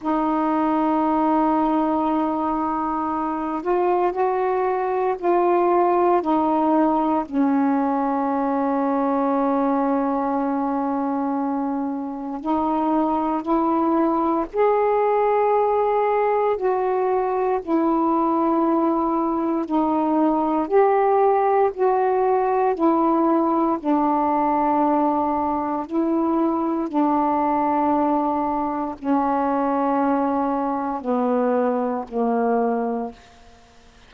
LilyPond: \new Staff \with { instrumentName = "saxophone" } { \time 4/4 \tempo 4 = 58 dis'2.~ dis'8 f'8 | fis'4 f'4 dis'4 cis'4~ | cis'1 | dis'4 e'4 gis'2 |
fis'4 e'2 dis'4 | g'4 fis'4 e'4 d'4~ | d'4 e'4 d'2 | cis'2 b4 ais4 | }